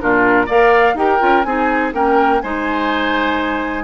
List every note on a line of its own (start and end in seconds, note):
0.00 0.49 A#2
0.00 0.48 D4
0.00 0.46 F4
0.00 0.49 A#4
0.46 0.94 A#3
0.46 0.96 A#4
0.46 0.94 D5
0.46 0.97 F5
0.94 1.18 D#4
0.94 1.19 G4
0.94 1.47 A#4
0.94 1.43 G5
1.19 1.45 C#4
1.19 1.43 F4
1.43 1.93 C4
1.43 1.93 D#4
1.43 1.94 G#4
1.43 1.91 G#5
1.93 2.41 A#3
1.93 2.41 C#4
1.93 2.42 A#4
1.93 2.41 G5
2.41 3.84 G#3
2.41 3.84 D#4
2.41 3.84 C5
2.41 3.84 G#5